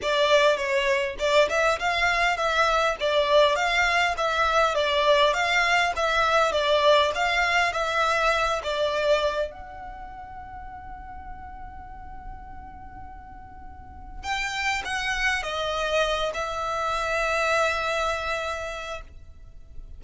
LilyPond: \new Staff \with { instrumentName = "violin" } { \time 4/4 \tempo 4 = 101 d''4 cis''4 d''8 e''8 f''4 | e''4 d''4 f''4 e''4 | d''4 f''4 e''4 d''4 | f''4 e''4. d''4. |
fis''1~ | fis''1 | g''4 fis''4 dis''4. e''8~ | e''1 | }